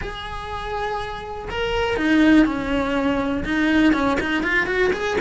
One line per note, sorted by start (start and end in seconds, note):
0.01 1.48 G#4
1.50 1.96 A#4
1.96 2.45 D#4
2.45 3.43 C#4
3.44 3.93 D#4
3.93 4.17 C#4
4.20 4.43 D#4
4.43 4.66 F4
4.66 4.91 F#4
4.92 5.17 G#4